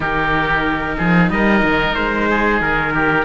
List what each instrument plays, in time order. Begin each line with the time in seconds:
0.00 cello D#3, viola D#4, oboe G4, trumpet A#4
0.97 cello F3, oboe G#4
1.30 cello G3, oboe A#4, trumpet D#5
1.63 cello D#3
1.95 cello G#3, trumpet C5
2.29 oboe G#4
2.60 cello D#3, trumpet A#4
2.94 oboe G4